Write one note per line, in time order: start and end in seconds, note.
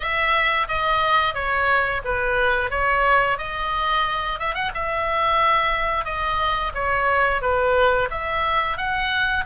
0.00 0.67 E5
0.67 1.34 D#5
1.34 2.01 C#5
2.04 2.70 B4
2.70 3.37 C#5
3.38 4.39 D#5
4.39 4.54 E5
4.54 4.71 F#5
4.74 6.05 E5
6.05 6.72 D#5
6.74 7.41 C#5
7.41 8.08 B4
8.10 8.77 E5
8.77 9.44 F#5